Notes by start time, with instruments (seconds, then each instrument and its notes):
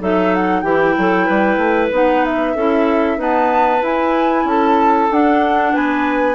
0.00 bassoon F#3, clarinet D#4 A4, flute E5
0.35 flute F#5
0.60 bassoon E3, clarinet E4 G4, flute G5
0.98 bassoon F#3, clarinet A4
1.26 bassoon G3, clarinet B4
1.57 bassoon A3
1.91 bassoon B3, clarinet D#4, flute F#5
2.25 flute E5
2.54 bassoon C#4, clarinet E4 A4
3.17 clarinet B3 B4, bassoon D#4, flute A5
3.82 clarinet E4, bassoon E4, flute G#5
4.44 bassoon C#4, clarinet A4, flute A5
5.11 bassoon D4, clarinet D4, flute F#5
5.73 bassoon B3, clarinet B4, flute G#5